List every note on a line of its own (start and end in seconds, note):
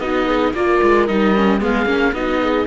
0.00 0.53 B3
0.00 0.54 D#4
0.00 0.26 F#4
0.00 0.53 D#5
0.26 0.53 G#4
0.54 0.80 A#3
0.54 1.08 F4
0.54 1.61 A#4
0.54 1.07 D5
0.83 1.09 G#3
1.07 1.62 G3
1.07 1.34 D#4
1.07 1.60 D#5
1.36 1.60 C#4
1.60 1.85 G#3
1.60 1.86 B3
1.60 2.14 G#4
1.60 2.14 F5
1.85 2.12 A#3
1.85 2.13 C#4
2.13 2.66 B3
2.13 2.67 D#4
2.13 2.40 F#4
2.13 2.67 D#5
2.41 2.67 G#4